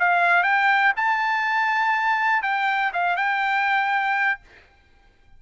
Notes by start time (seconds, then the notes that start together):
0.00 F5
0.44 G5
0.96 A5
2.43 G5
2.93 F5
3.16 G5